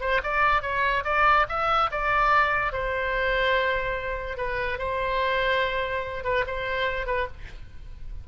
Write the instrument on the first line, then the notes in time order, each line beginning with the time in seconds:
oboe
0.00 C5
0.23 D5
0.62 C#5
1.04 D5
1.48 E5
1.91 D5
2.72 C5
4.37 B4
4.78 C5
6.24 B4
6.47 C5
7.06 B4